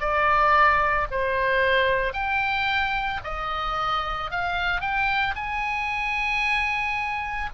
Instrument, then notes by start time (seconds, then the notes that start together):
oboe
0.00 D5
1.11 C5
2.13 G5
3.24 D#5
4.31 F5
4.81 G5
5.36 G#5